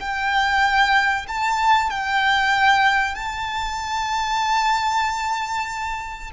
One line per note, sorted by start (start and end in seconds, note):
0.00 1.26 G5
1.28 1.90 A5
1.90 3.15 G5
3.15 6.31 A5